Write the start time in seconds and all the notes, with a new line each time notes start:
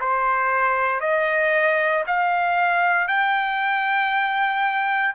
0.00 C5
1.00 D#5
2.06 F5
3.07 G5